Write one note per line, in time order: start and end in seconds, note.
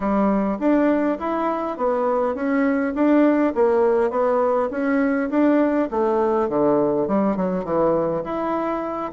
0.00 0.58 G3
0.59 1.18 D4
1.19 1.77 E4
1.77 2.34 B3
2.34 2.93 C#4
2.94 3.53 D4
3.55 4.10 A#3
4.10 4.69 B3
4.70 5.29 C#4
5.30 5.89 D4
5.91 6.48 A3
6.48 7.07 D3
7.07 7.36 G3
7.36 7.64 F#3
7.64 8.23 E3
8.24 9.12 E4